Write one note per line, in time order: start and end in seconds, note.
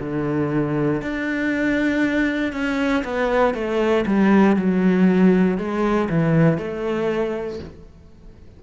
0.00 1.02 D3
1.02 2.53 D4
2.53 3.04 C#4
3.04 3.55 B3
3.55 4.05 A3
4.06 4.57 G3
4.57 5.58 F#3
5.58 6.09 G#3
6.10 6.58 E3
6.58 7.59 A3